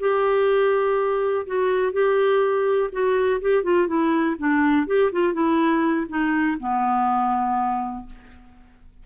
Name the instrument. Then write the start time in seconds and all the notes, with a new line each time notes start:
clarinet
0.00 G4
1.47 F#4
1.93 G4
2.93 F#4
3.42 G4
3.64 F4
3.88 E4
4.39 D4
4.87 G4
5.12 F4
5.34 E4
6.09 D#4
6.60 B3